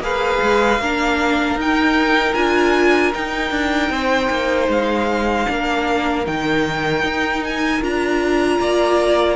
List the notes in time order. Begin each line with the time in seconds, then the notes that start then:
0.00 A#3 G#4 B4 F5
0.43 G#3
0.80 A#3 D4 A#4
1.56 D#4 G5
2.35 D4 F4 G#5
3.15 D#4 G5
3.51 D4
3.90 C4 C5
4.31 A#3
4.69 G#3 F5
5.47 A#3 D4 A#4
6.26 D#3 D#4 G5
7.04 D#4
7.44 G#5
7.82 D4 F4 A#5
8.60 A#3 D5